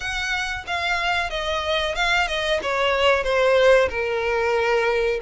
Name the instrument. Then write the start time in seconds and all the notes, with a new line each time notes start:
violin
0.00 F#5
0.66 F5
1.30 D#5
1.95 F5
2.27 D#5
2.62 C#5
3.23 C5
3.89 A#4